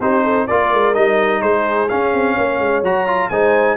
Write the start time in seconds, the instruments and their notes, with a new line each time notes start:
0.00 tuba C4, trombone D#4, horn G4, trumpet C5
0.23 horn A4
0.47 tuba A#3, trombone F4, horn A#4, trumpet D5
0.73 tuba G#3
0.94 tuba G3, trombone D#4, trumpet D#5
1.42 tuba G#3, horn G#4, trumpet C5
1.89 trombone C#4, tuba C#4, trumpet F5
2.13 tuba C4
2.34 tuba A#3, horn C#5
2.59 tuba G#3
2.83 tuba F#3, trombone F#4, trumpet A#5
3.07 trombone F4
3.29 tuba G#3, trombone D#4, horn C5, trumpet G#5